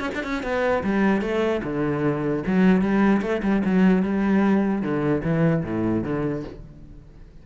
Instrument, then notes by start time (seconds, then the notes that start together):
cello
0.00 C#4
0.14 D4
0.23 C#4
0.43 B3
0.83 G3
1.21 A3
1.63 D3
2.46 F#3
2.81 G3
3.21 A3
3.42 G3
3.65 F#3
4.02 G3
4.82 D3
5.23 E3
5.64 A2
6.04 D3